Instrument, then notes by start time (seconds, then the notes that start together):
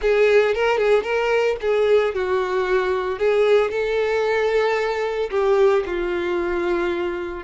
violin
0.01 G#4
0.55 A#4
0.77 G#4
1.03 A#4
1.61 G#4
2.14 F#4
3.18 G#4
3.70 A4
5.30 G4
5.86 F4